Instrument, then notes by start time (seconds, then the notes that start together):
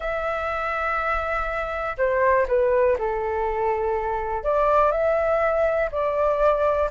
flute
0.00 E5
1.97 C5
2.47 B4
2.98 A4
4.43 D5
4.91 E5
5.91 D5